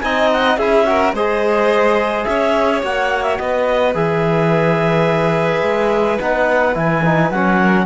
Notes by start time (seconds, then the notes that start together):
0.00 C4 D#4 D#5 G#5
0.32 F#5
0.57 C#4 E4 G#4 E5
0.85 F#4 A#4
1.13 G#3 G#4 C5 D#5
2.24 C#4 C#5 E5
2.82 A#3 F#4 F#5
3.22 E5
3.37 B3 B4 D#5
3.94 E3 G#4 E5
5.62 G#3
6.20 B3 D#4 F#5
6.73 E3 E4 G#5
7.04 D#4
7.30 F#3 C#4 F#5
7.60 A#4